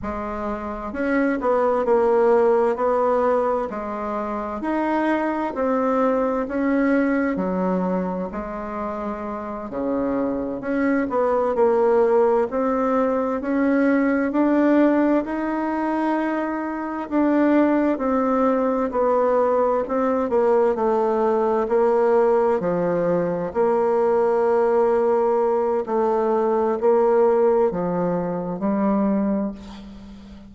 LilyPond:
\new Staff \with { instrumentName = "bassoon" } { \time 4/4 \tempo 4 = 65 gis4 cis'8 b8 ais4 b4 | gis4 dis'4 c'4 cis'4 | fis4 gis4. cis4 cis'8 | b8 ais4 c'4 cis'4 d'8~ |
d'8 dis'2 d'4 c'8~ | c'8 b4 c'8 ais8 a4 ais8~ | ais8 f4 ais2~ ais8 | a4 ais4 f4 g4 | }